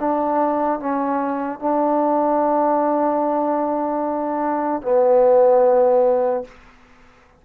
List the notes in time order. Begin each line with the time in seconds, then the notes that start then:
0.00 D4
0.80 C#4
1.59 D4
4.82 B3